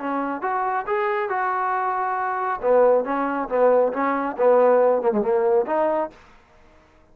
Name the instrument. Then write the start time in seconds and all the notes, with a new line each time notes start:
trombone
0.00 C#4
0.42 F#4
0.87 G#4
1.30 F#4
2.62 B3
3.05 C#4
3.49 B3
3.93 C#4
4.38 B3
5.03 A#3
5.12 G#3
5.22 A#3
5.67 D#4